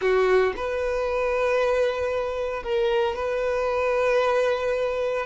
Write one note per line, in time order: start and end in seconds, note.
0.01 0.53 F#4
0.56 2.63 B4
2.63 3.15 A#4
3.15 5.25 B4